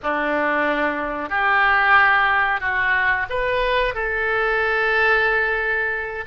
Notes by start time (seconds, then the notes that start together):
0.02 D4
1.29 G4
2.60 F#4
3.29 B4
3.94 A4